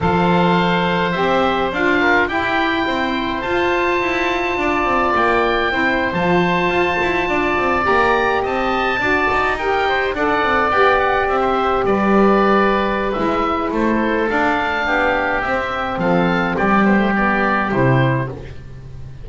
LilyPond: <<
  \new Staff \with { instrumentName = "oboe" } { \time 4/4 \tempo 4 = 105 f''2 e''4 f''4 | g''2 a''2~ | a''4 g''4.~ g''16 a''4~ a''16~ | a''4.~ a''16 ais''4 a''4~ a''16~ |
a''8. g''4 fis''4 g''8 fis''8 e''16~ | e''8. d''2~ d''16 e''4 | c''4 f''2 e''4 | f''4 d''8 c''8 d''4 c''4 | }
  \new Staff \with { instrumentName = "oboe" } { \time 4/4 c''2.~ c''8 ais'8 | g'4 c''2. | d''2 c''2~ | c''8. d''2 dis''4 d''16~ |
d''8. ais'8 c''8 d''2~ d''16 | c''8. b'2.~ b'16 | a'2 g'2 | a'4 g'2. | }
  \new Staff \with { instrumentName = "saxophone" } { \time 4/4 a'2 g'4 f'4 | e'2 f'2~ | f'2 e'8. f'4~ f'16~ | f'4.~ f'16 g'2 fis'16~ |
fis'8. g'4 a'4 g'4~ g'16~ | g'2. e'4~ | e'4 d'2 c'4~ | c'4. b16 a16 b4 e'4 | }
  \new Staff \with { instrumentName = "double bass" } { \time 4/4 f2 c'4 d'4 | e'4 c'4 f'4 e'4 | d'8 c'8 ais4 c'8. f4 f'16~ | f'16 e'8 d'8 c'8 ais4 c'4 d'16~ |
d'16 dis'4. d'8 c'8 b4 c'16~ | c'8. g2~ g16 gis4 | a4 d'4 b4 c'4 | f4 g2 c4 | }
>>